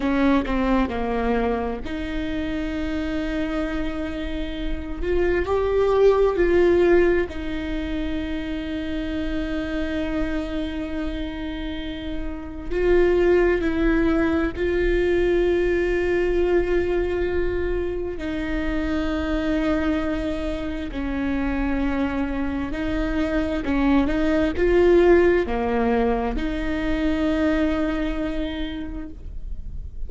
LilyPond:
\new Staff \with { instrumentName = "viola" } { \time 4/4 \tempo 4 = 66 cis'8 c'8 ais4 dis'2~ | dis'4. f'8 g'4 f'4 | dis'1~ | dis'2 f'4 e'4 |
f'1 | dis'2. cis'4~ | cis'4 dis'4 cis'8 dis'8 f'4 | ais4 dis'2. | }